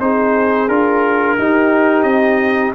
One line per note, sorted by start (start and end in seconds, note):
0.00 0.69 C4
0.00 0.69 D#4
0.00 1.38 G#4
0.00 0.69 C5
0.69 1.38 D4
0.69 1.39 F4
0.69 2.03 A#4
1.38 2.04 D#4
1.38 2.76 D#4
1.38 2.76 G4
2.03 2.73 C4
2.03 2.72 D#5